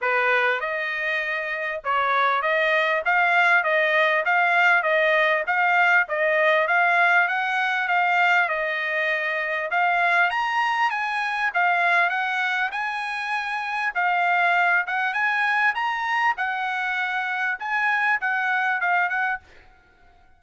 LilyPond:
\new Staff \with { instrumentName = "trumpet" } { \time 4/4 \tempo 4 = 99 b'4 dis''2 cis''4 | dis''4 f''4 dis''4 f''4 | dis''4 f''4 dis''4 f''4 | fis''4 f''4 dis''2 |
f''4 ais''4 gis''4 f''4 | fis''4 gis''2 f''4~ | f''8 fis''8 gis''4 ais''4 fis''4~ | fis''4 gis''4 fis''4 f''8 fis''8 | }